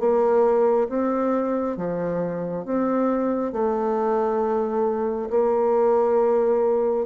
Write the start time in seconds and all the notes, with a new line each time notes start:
0.00 A#3
0.89 C4
1.77 F3
2.66 C4
3.53 A3
5.30 A#3